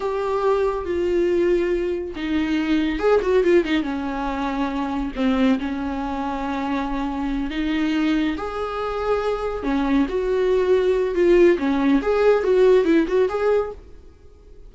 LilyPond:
\new Staff \with { instrumentName = "viola" } { \time 4/4 \tempo 4 = 140 g'2 f'2~ | f'4 dis'2 gis'8 fis'8 | f'8 dis'8 cis'2. | c'4 cis'2.~ |
cis'4. dis'2 gis'8~ | gis'2~ gis'8 cis'4 fis'8~ | fis'2 f'4 cis'4 | gis'4 fis'4 e'8 fis'8 gis'4 | }